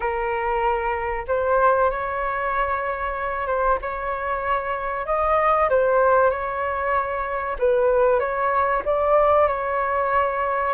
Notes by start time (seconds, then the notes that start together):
0.00 A#4
1.27 C5
1.90 C#5
3.47 C5
3.81 C#5
5.06 D#5
5.69 C5
6.30 C#5
7.58 B4
8.19 C#5
8.85 D5
9.47 C#5